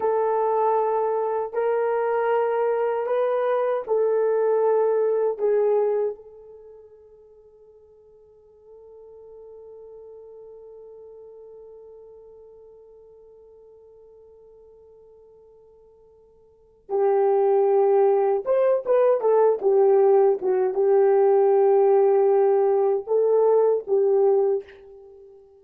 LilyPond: \new Staff \with { instrumentName = "horn" } { \time 4/4 \tempo 4 = 78 a'2 ais'2 | b'4 a'2 gis'4 | a'1~ | a'1~ |
a'1~ | a'2 g'2 | c''8 b'8 a'8 g'4 fis'8 g'4~ | g'2 a'4 g'4 | }